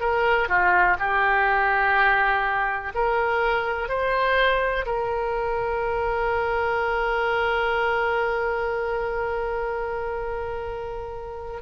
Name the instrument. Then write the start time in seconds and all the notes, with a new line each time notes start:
oboe
0.00 A#4
0.48 F4
0.99 G4
2.94 A#4
3.88 C5
4.85 A#4